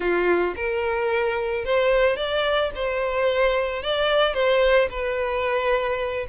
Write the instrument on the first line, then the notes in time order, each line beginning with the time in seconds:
violin
0.00 F4
0.56 A#4
1.65 C5
2.16 D5
2.75 C5
3.83 D5
4.33 C5
4.90 B4